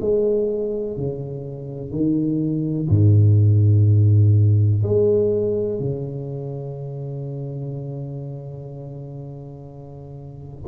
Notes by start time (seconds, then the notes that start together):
0.00 G#3
0.97 C#3
1.91 D#3
2.89 G#2
4.83 G#3
5.79 C#3